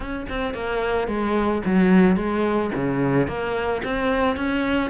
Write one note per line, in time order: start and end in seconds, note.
0.00 0.26 C#4
0.29 0.54 C4
0.54 1.07 A#3
1.07 1.62 G#3
1.65 2.16 F#3
2.16 2.70 G#3
2.74 3.27 C#3
3.27 3.82 A#3
3.84 4.36 C4
4.36 4.90 C#4